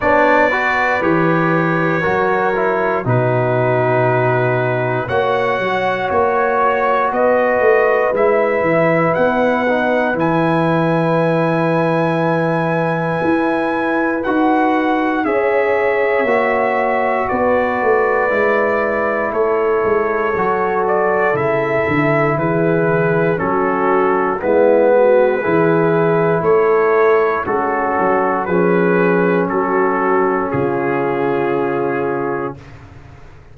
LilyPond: <<
  \new Staff \with { instrumentName = "trumpet" } { \time 4/4 \tempo 4 = 59 d''4 cis''2 b'4~ | b'4 fis''4 cis''4 dis''4 | e''4 fis''4 gis''2~ | gis''2 fis''4 e''4~ |
e''4 d''2 cis''4~ | cis''8 d''8 e''4 b'4 a'4 | b'2 cis''4 a'4 | b'4 a'4 gis'2 | }
  \new Staff \with { instrumentName = "horn" } { \time 4/4 cis''8 b'4. ais'4 fis'4~ | fis'4 cis''2 b'4~ | b'1~ | b'2. cis''4~ |
cis''4 b'2 a'4~ | a'2 gis'4 fis'4 | e'8 fis'8 gis'4 a'4 cis'4 | gis'4 fis'4 f'2 | }
  \new Staff \with { instrumentName = "trombone" } { \time 4/4 d'8 fis'8 g'4 fis'8 e'8 dis'4~ | dis'4 fis'2. | e'4. dis'8 e'2~ | e'2 fis'4 gis'4 |
fis'2 e'2 | fis'4 e'2 cis'4 | b4 e'2 fis'4 | cis'1 | }
  \new Staff \with { instrumentName = "tuba" } { \time 4/4 b4 e4 fis4 b,4~ | b,4 ais8 fis8 ais4 b8 a8 | gis8 e8 b4 e2~ | e4 e'4 dis'4 cis'4 |
ais4 b8 a8 gis4 a8 gis8 | fis4 cis8 d8 e4 fis4 | gis4 e4 a4 gis8 fis8 | f4 fis4 cis2 | }
>>